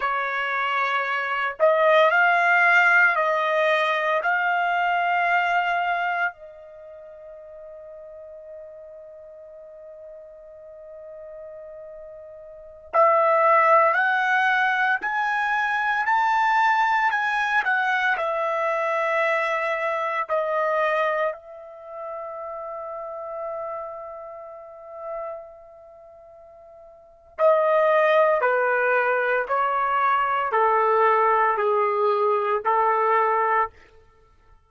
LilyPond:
\new Staff \with { instrumentName = "trumpet" } { \time 4/4 \tempo 4 = 57 cis''4. dis''8 f''4 dis''4 | f''2 dis''2~ | dis''1~ | dis''16 e''4 fis''4 gis''4 a''8.~ |
a''16 gis''8 fis''8 e''2 dis''8.~ | dis''16 e''2.~ e''8.~ | e''2 dis''4 b'4 | cis''4 a'4 gis'4 a'4 | }